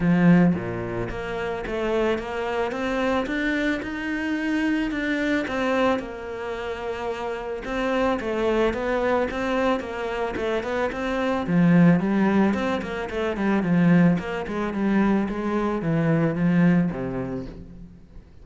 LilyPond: \new Staff \with { instrumentName = "cello" } { \time 4/4 \tempo 4 = 110 f4 ais,4 ais4 a4 | ais4 c'4 d'4 dis'4~ | dis'4 d'4 c'4 ais4~ | ais2 c'4 a4 |
b4 c'4 ais4 a8 b8 | c'4 f4 g4 c'8 ais8 | a8 g8 f4 ais8 gis8 g4 | gis4 e4 f4 c4 | }